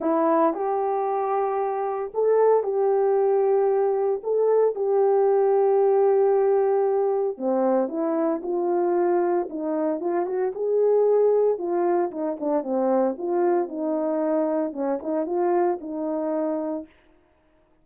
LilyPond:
\new Staff \with { instrumentName = "horn" } { \time 4/4 \tempo 4 = 114 e'4 g'2. | a'4 g'2. | a'4 g'2.~ | g'2 c'4 e'4 |
f'2 dis'4 f'8 fis'8 | gis'2 f'4 dis'8 d'8 | c'4 f'4 dis'2 | cis'8 dis'8 f'4 dis'2 | }